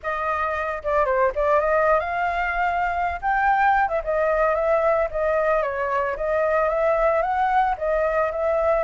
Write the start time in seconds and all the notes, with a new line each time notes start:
0.02 D#5
0.83 D5
1.05 C5
1.35 D5
1.59 D#5
1.99 F5
3.21 G5
3.88 E5
4.03 D#5
4.54 E5
5.10 D#5
5.62 C#5
6.16 D#5
6.68 E5
7.22 F#5
7.77 D#5
8.31 E5